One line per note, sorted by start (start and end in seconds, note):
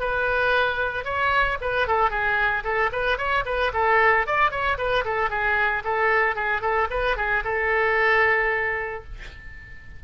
0.00 1.05 B4
1.05 1.58 C#5
1.61 1.88 B4
1.88 2.11 A4
2.11 2.64 G#4
2.64 2.91 A4
2.93 3.18 B4
3.18 3.45 C#5
3.46 3.72 B4
3.74 4.27 A4
4.27 4.51 D5
4.51 4.78 C#5
4.78 5.05 B4
5.05 5.30 A4
5.30 5.83 G#4
5.85 6.36 A4
6.36 6.62 G#4
6.62 6.88 A4
6.91 7.17 B4
7.17 7.44 G#4
7.45 9.04 A4